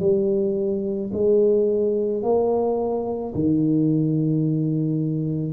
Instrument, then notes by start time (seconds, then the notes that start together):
tuba
0.00 G3
1.13 G#3
2.23 A#3
3.34 D#3